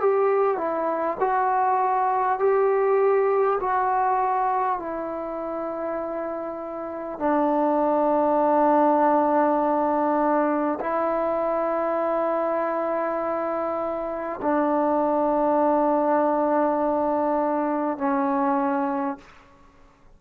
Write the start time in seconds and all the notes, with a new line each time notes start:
0.00 G4
0.57 E4
1.19 F#4
2.39 G4
3.60 F#4
4.79 E4
7.19 D4
10.80 E4
14.42 D4
17.98 C#4